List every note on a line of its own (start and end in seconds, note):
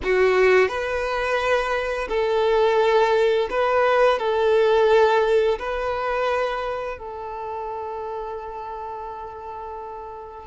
0.03 0.68 F#4
0.68 2.07 B4
2.08 3.48 A4
3.49 4.18 B4
4.18 5.58 A4
5.58 6.98 B4
6.98 10.47 A4